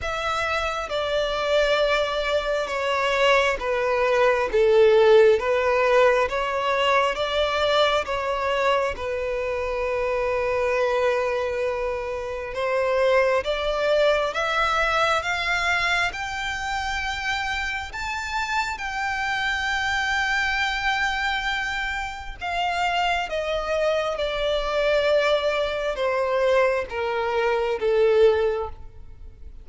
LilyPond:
\new Staff \with { instrumentName = "violin" } { \time 4/4 \tempo 4 = 67 e''4 d''2 cis''4 | b'4 a'4 b'4 cis''4 | d''4 cis''4 b'2~ | b'2 c''4 d''4 |
e''4 f''4 g''2 | a''4 g''2.~ | g''4 f''4 dis''4 d''4~ | d''4 c''4 ais'4 a'4 | }